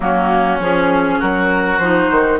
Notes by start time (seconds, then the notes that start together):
0.00 F#3 A#3 C#4 F#4
0.58 F3 C#4 G#4
1.19 F#3 F#4 A#4
1.78 F3 D#4 C5
2.10 D#3